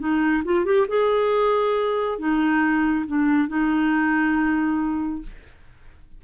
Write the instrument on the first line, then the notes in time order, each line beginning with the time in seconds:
clarinet
0.00 D#4
0.45 F4
0.65 G4
0.89 G#4
2.19 D#4
3.07 D4
3.49 D#4